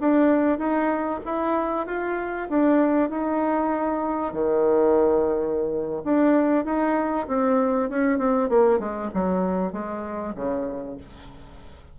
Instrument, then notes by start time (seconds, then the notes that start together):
bassoon
0.00 D4
0.58 D#4
1.25 E4
1.86 F4
2.49 D4
3.10 D#4
4.33 D#3
6.04 D4
6.65 D#4
7.28 C4
7.89 C#4
8.18 C4
8.49 A#3
8.79 G#3
9.14 F#3
9.72 G#3
10.35 C#3